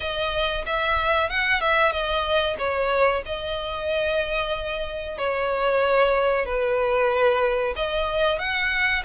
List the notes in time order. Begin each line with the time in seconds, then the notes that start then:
0.00 D#5
0.66 E5
1.29 F#5
1.60 E5
1.91 D#5
2.58 C#5
3.25 D#5
5.18 C#5
6.45 B4
7.76 D#5
8.38 F#5